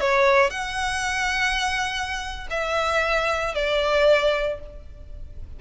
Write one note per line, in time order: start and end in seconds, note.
0.00 0.50 C#5
0.50 2.47 F#5
2.50 3.54 E5
3.54 4.60 D5